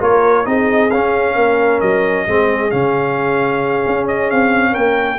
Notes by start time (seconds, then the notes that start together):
0.00 A#3 F4 A#4 C#5
0.45 C4 D#4 G#4 D#5
0.90 C#4 F5
1.35 A#3 A#4
1.81 F#3 D#5
2.27 G#3 C4 G#4
2.71 C#3 C#4 F5
3.87 C#4
4.08 D#5
4.30 C4 F5
4.71 A#3 A#4 G5